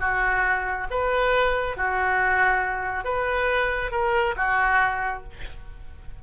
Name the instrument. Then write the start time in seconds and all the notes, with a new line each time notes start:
oboe
0.00 F#4
0.91 B4
1.77 F#4
3.04 B4
3.91 A#4
4.36 F#4